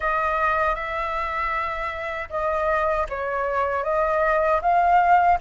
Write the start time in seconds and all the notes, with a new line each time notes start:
0.00 D#5
0.75 E5
2.29 D#5
3.09 C#5
3.83 D#5
4.61 F5